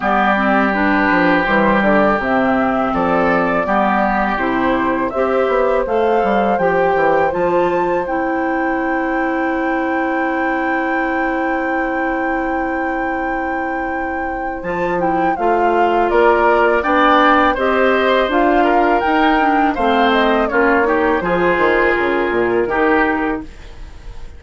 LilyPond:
<<
  \new Staff \with { instrumentName = "flute" } { \time 4/4 \tempo 4 = 82 d''4 b'4 c''8 d''8 e''4 | d''2 c''4 e''4 | f''4 g''4 a''4 g''4~ | g''1~ |
g''1 | a''8 g''8 f''4 d''4 g''4 | dis''4 f''4 g''4 f''8 dis''8 | cis''4 c''4 ais'2 | }
  \new Staff \with { instrumentName = "oboe" } { \time 4/4 g'1 | a'4 g'2 c''4~ | c''1~ | c''1~ |
c''1~ | c''2 ais'4 d''4 | c''4. ais'4. c''4 | f'8 g'8 gis'2 g'4 | }
  \new Staff \with { instrumentName = "clarinet" } { \time 4/4 b8 c'8 d'4 g4 c'4~ | c'4 b4 e'4 g'4 | a'4 g'4 f'4 e'4~ | e'1~ |
e'1 | f'8 e'8 f'2 d'4 | g'4 f'4 dis'8 d'8 c'4 | cis'8 dis'8 f'2 dis'4 | }
  \new Staff \with { instrumentName = "bassoon" } { \time 4/4 g4. f8 e8 d8 c4 | f4 g4 c4 c'8 b8 | a8 g8 f8 e8 f4 c'4~ | c'1~ |
c'1 | f4 a4 ais4 b4 | c'4 d'4 dis'4 a4 | ais4 f8 dis8 cis8 ais,8 dis4 | }
>>